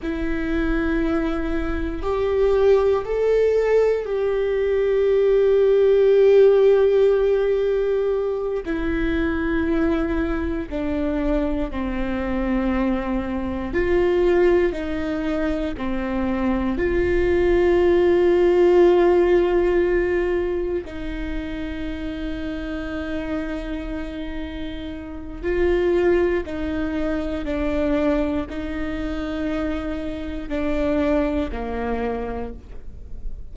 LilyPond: \new Staff \with { instrumentName = "viola" } { \time 4/4 \tempo 4 = 59 e'2 g'4 a'4 | g'1~ | g'8 e'2 d'4 c'8~ | c'4. f'4 dis'4 c'8~ |
c'8 f'2.~ f'8~ | f'8 dis'2.~ dis'8~ | dis'4 f'4 dis'4 d'4 | dis'2 d'4 ais4 | }